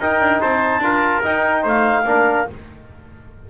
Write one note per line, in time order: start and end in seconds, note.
0.00 0.21 D#4
0.00 0.83 D#4
0.00 0.41 A#4
0.00 0.41 G5
0.21 0.41 D4
0.41 0.79 C4
0.41 0.82 C5
0.41 1.23 A5
0.79 1.20 D4
0.79 1.23 F4
0.79 1.62 A#4
1.23 2.05 D#4
1.23 1.64 D#4
1.23 1.65 G5
1.62 2.04 A3
1.62 2.03 C5
1.62 2.50 F5
2.04 2.45 A#3
2.04 2.47 D4
2.04 2.49 A#4